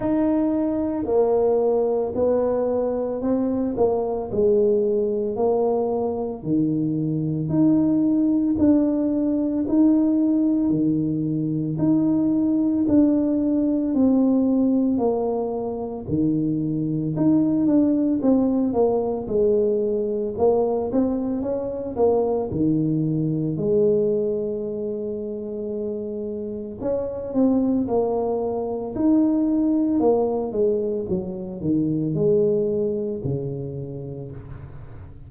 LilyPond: \new Staff \with { instrumentName = "tuba" } { \time 4/4 \tempo 4 = 56 dis'4 ais4 b4 c'8 ais8 | gis4 ais4 dis4 dis'4 | d'4 dis'4 dis4 dis'4 | d'4 c'4 ais4 dis4 |
dis'8 d'8 c'8 ais8 gis4 ais8 c'8 | cis'8 ais8 dis4 gis2~ | gis4 cis'8 c'8 ais4 dis'4 | ais8 gis8 fis8 dis8 gis4 cis4 | }